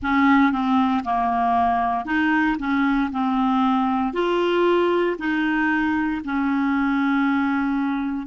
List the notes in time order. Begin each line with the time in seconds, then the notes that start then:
0.02 C#4
0.52 C4
1.04 A#3
2.05 D#4
2.59 C#4
3.11 C4
4.13 F4
5.18 D#4
6.24 C#4